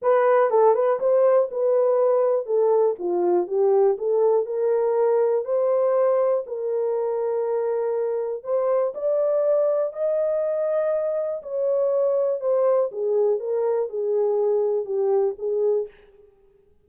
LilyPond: \new Staff \with { instrumentName = "horn" } { \time 4/4 \tempo 4 = 121 b'4 a'8 b'8 c''4 b'4~ | b'4 a'4 f'4 g'4 | a'4 ais'2 c''4~ | c''4 ais'2.~ |
ais'4 c''4 d''2 | dis''2. cis''4~ | cis''4 c''4 gis'4 ais'4 | gis'2 g'4 gis'4 | }